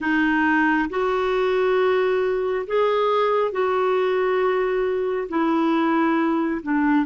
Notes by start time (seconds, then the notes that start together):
0.00 D#4
0.89 F#4
2.66 G#4
3.51 F#4
5.28 E4
6.62 D4